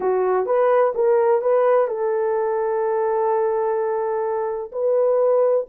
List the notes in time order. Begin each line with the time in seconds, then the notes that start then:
0.00 F#4
0.46 B4
0.94 A#4
1.41 B4
1.87 A4
4.72 B4